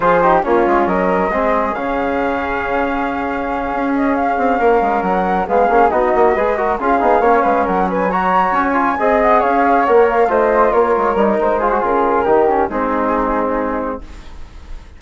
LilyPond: <<
  \new Staff \with { instrumentName = "flute" } { \time 4/4 \tempo 4 = 137 c''4 cis''4 dis''2 | f''1~ | f''4 dis''8 f''2 fis''8~ | fis''8 f''4 dis''2 f''8~ |
f''4. fis''8 gis''8 ais''4 gis''8~ | gis''4 fis''8 f''4 fis''8 f''8 dis''8~ | dis''8 cis''4. c''4 ais'4~ | ais'4 gis'2. | }
  \new Staff \with { instrumentName = "flute" } { \time 4/4 gis'8 g'8 f'4 ais'4 gis'4~ | gis'1~ | gis'2~ gis'8 ais'4.~ | ais'8 gis'4 fis'4 b'8 ais'8 gis'8~ |
gis'8 cis''8 b'8 ais'8 b'8 cis''4.~ | cis''8 dis''4 cis''2 c''8~ | c''8 ais'2 gis'4. | g'4 dis'2. | }
  \new Staff \with { instrumentName = "trombone" } { \time 4/4 f'8 dis'8 cis'2 c'4 | cis'1~ | cis'1~ | cis'8 b8 cis'8 dis'4 gis'8 fis'8 f'8 |
dis'8 cis'2 fis'4. | f'8 gis'2 ais'4 f'8~ | f'4. dis'4 f'16 fis'16 f'4 | dis'8 cis'8 c'2. | }
  \new Staff \with { instrumentName = "bassoon" } { \time 4/4 f4 ais8 gis8 fis4 gis4 | cis1~ | cis8 cis'4. c'8 ais8 gis8 fis8~ | fis8 gis8 ais8 b8 ais8 gis4 cis'8 |
b8 ais8 gis8 fis2 cis'8~ | cis'8 c'4 cis'4 ais4 a8~ | a8 ais8 gis8 g8 gis4 cis4 | dis4 gis2. | }
>>